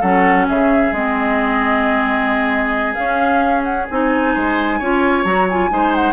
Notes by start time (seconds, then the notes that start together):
0.00 F#3 C#4 A4 F#5
0.48 C#3 G#4 E5
0.92 G#3 C4 D#5
2.93 C#4 F5
3.63 F#5
3.90 C4 D#4 G#5
4.34 G#3 C5
4.79 C#4 F4 C#5
5.24 F#3 F#4 A#5
5.49 F4 G#5
5.69 G#3 D#4 C5
5.94 F#5